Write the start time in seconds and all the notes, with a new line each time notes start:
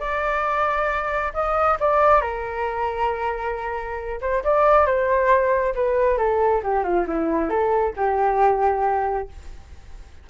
0.00 D5
1.33 D#5
1.80 D5
2.21 A#4
4.21 C5
4.44 D5
4.86 C5
5.75 B4
6.18 A4
6.63 G4
6.84 F4
7.07 E4
7.50 A4
7.96 G4